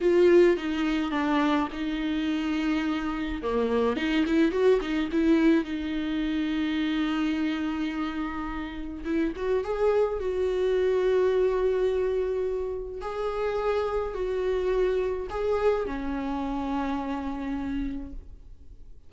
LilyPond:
\new Staff \with { instrumentName = "viola" } { \time 4/4 \tempo 4 = 106 f'4 dis'4 d'4 dis'4~ | dis'2 ais4 dis'8 e'8 | fis'8 dis'8 e'4 dis'2~ | dis'1 |
e'8 fis'8 gis'4 fis'2~ | fis'2. gis'4~ | gis'4 fis'2 gis'4 | cis'1 | }